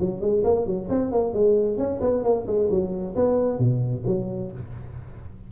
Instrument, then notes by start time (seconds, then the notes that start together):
tuba
0.00 F#3
0.21 G#3
0.44 A#3
0.66 F#3
0.89 C4
1.12 A#3
1.33 G#3
1.77 C#4
2.01 B3
2.24 A#3
2.47 G#3
2.70 F#3
3.16 B3
3.59 B2
4.06 F#3